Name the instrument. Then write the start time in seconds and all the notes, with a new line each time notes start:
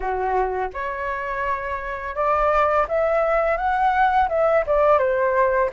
flute
0.00 F#4
0.73 C#5
2.15 D5
2.88 E5
3.57 F#5
4.28 E5
4.66 D5
4.98 C5